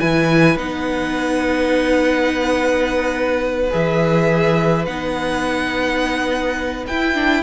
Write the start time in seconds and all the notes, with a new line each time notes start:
0.00 E3 E4 B4 G#5
0.56 B3 D#4 F#5
3.70 E3 G#4 E5
4.85 B3 D#4 F#5
6.87 E4 G5
7.14 D4